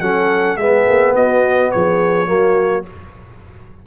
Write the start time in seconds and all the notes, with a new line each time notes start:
0.00 F#3 C#4 A4 F#5
0.57 G#3 B3 G#4 E5
0.88 A#3
1.15 B3 F#4 D#5
1.71 F3 G#4 C#5
2.26 F#3 A#3 F#4